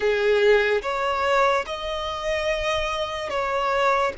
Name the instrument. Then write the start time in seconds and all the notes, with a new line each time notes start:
violin
0.00 G#4
0.81 C#5
1.66 D#5
3.29 C#5